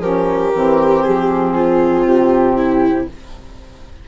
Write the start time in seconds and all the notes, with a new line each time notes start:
0.00 F3 C#4 G4 A#4
0.54 E3 C4
1.03 F3 G#4
1.56 F4
2.06 C3 G4
2.57 E4